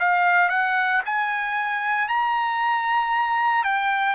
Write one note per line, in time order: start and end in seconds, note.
0.00 0.49 F5
0.49 1.02 F#5
1.05 2.08 G#5
2.08 3.64 A#5
3.64 4.15 G5